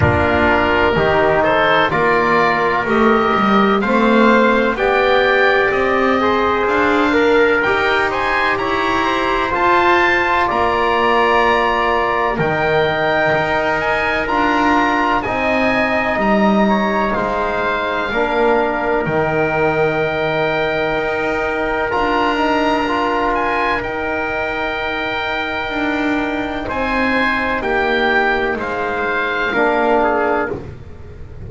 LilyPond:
<<
  \new Staff \with { instrumentName = "oboe" } { \time 4/4 \tempo 4 = 63 ais'4. c''8 d''4 dis''4 | f''4 g''4 dis''4 f''4 | g''8 gis''8 ais''4 a''4 ais''4~ | ais''4 g''4. gis''8 ais''4 |
gis''4 ais''4 f''2 | g''2. ais''4~ | ais''8 gis''8 g''2. | gis''4 g''4 f''2 | }
  \new Staff \with { instrumentName = "trumpet" } { \time 4/4 f'4 g'8 a'8 ais'2 | c''4 d''4. c''4 ais'8~ | ais'8 c''8 cis''8 c''4. d''4~ | d''4 ais'2. |
dis''4. cis''8 c''4 ais'4~ | ais'1~ | ais'1 | c''4 g'4 c''4 ais'8 gis'8 | }
  \new Staff \with { instrumentName = "trombone" } { \time 4/4 d'4 dis'4 f'4 g'4 | c'4 g'4. gis'4 ais'8 | g'2 f'2~ | f'4 dis'2 f'4 |
dis'2. d'4 | dis'2. f'8 dis'8 | f'4 dis'2.~ | dis'2. d'4 | }
  \new Staff \with { instrumentName = "double bass" } { \time 4/4 ais4 dis4 ais4 a8 g8 | a4 b4 c'4 d'4 | dis'4 e'4 f'4 ais4~ | ais4 dis4 dis'4 d'4 |
c'4 g4 gis4 ais4 | dis2 dis'4 d'4~ | d'4 dis'2 d'4 | c'4 ais4 gis4 ais4 | }
>>